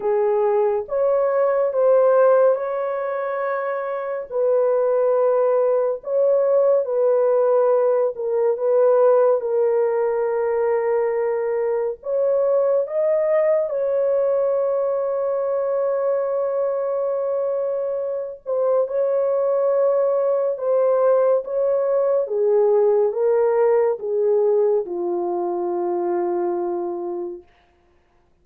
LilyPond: \new Staff \with { instrumentName = "horn" } { \time 4/4 \tempo 4 = 70 gis'4 cis''4 c''4 cis''4~ | cis''4 b'2 cis''4 | b'4. ais'8 b'4 ais'4~ | ais'2 cis''4 dis''4 |
cis''1~ | cis''4. c''8 cis''2 | c''4 cis''4 gis'4 ais'4 | gis'4 f'2. | }